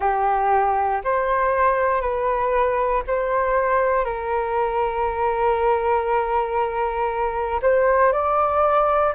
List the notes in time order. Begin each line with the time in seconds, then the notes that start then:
0.00 G4
1.04 C5
2.01 B4
3.07 C5
4.04 A#4
7.62 C5
8.12 D5